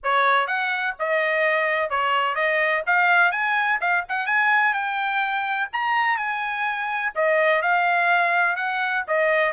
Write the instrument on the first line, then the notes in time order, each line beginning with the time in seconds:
trumpet
0.03 C#5
0.47 F#5
0.99 D#5
1.90 C#5
2.35 D#5
2.86 F5
3.31 G#5
3.80 F5
4.08 F#5
4.26 G#5
4.73 G5
5.72 A#5
6.17 G#5
7.15 D#5
7.62 F5
8.56 F#5
9.07 D#5